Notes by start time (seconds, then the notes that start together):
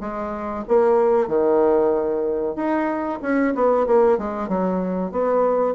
0.00 G#3
0.67 A#3
1.27 D#3
2.55 D#4
3.22 C#4
3.54 B3
3.86 A#3
4.18 G#3
4.48 F#3
5.11 B3